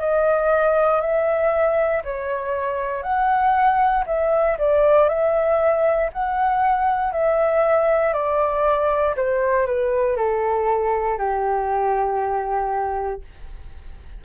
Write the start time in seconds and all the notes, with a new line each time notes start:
0.00 D#5
1.01 E5
2.04 C#5
3.03 F#5
4.06 E5
4.58 D5
5.09 E5
6.13 F#5
7.12 E5
8.13 D5
9.16 C5
9.67 B4
10.16 A4
11.18 G4